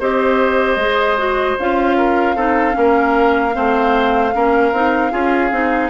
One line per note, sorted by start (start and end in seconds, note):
0.00 0.76 C4
0.00 0.80 G4
0.00 1.97 C5
0.00 1.59 D#5
0.76 1.55 G#3
0.76 1.18 G#4
1.18 1.57 F#4
1.60 2.35 C#4
1.60 2.37 F4
1.60 5.90 F5
1.97 2.36 A#4
2.35 2.75 C4
2.35 2.73 D#4
2.35 2.75 A4
2.73 3.56 A#3
2.73 3.51 C#4
2.79 3.56 A#4
3.54 4.35 A3
3.54 4.33 C4
3.54 4.35 C5
4.34 4.72 A#3
4.34 4.73 C#4
4.34 5.12 A#4
4.72 5.12 C4
4.72 5.11 D#4
5.11 5.51 C#4
5.11 5.51 F4
5.11 5.90 G#4
5.51 5.90 C4
5.51 5.90 D#4